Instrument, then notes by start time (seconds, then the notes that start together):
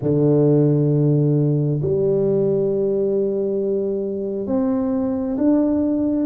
tuba
0.02 D3
1.82 G3
4.47 C4
5.37 D4